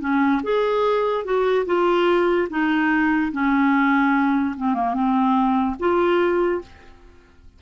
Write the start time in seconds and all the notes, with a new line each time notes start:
0.00 C#4
0.43 G#4
1.24 F#4
1.66 F4
2.50 D#4
3.32 C#4
4.57 C4
4.74 A#3
4.94 C4
5.79 F4